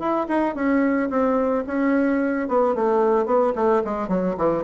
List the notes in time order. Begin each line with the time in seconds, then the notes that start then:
0.00 E4
0.29 D#4
0.55 C#4
1.10 C4
1.67 C#4
2.49 B3
2.76 A3
3.26 B3
3.56 A3
3.85 G#3
4.09 F#3
4.38 E3